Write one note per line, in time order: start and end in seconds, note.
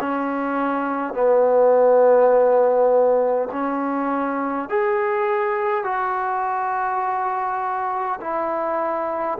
0.00 1.13 C#4
1.13 3.49 B3
3.52 4.69 C#4
4.69 5.84 G#4
5.84 8.19 F#4
8.20 9.38 E4